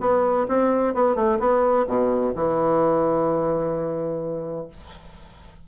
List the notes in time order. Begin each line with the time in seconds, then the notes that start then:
0.00 B3
0.48 C4
0.94 B3
1.15 A3
1.39 B3
1.87 B2
2.35 E3